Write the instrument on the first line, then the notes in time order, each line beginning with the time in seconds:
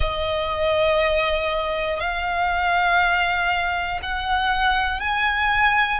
violin
0.00 D#5
2.00 F5
4.02 F#5
5.00 G#5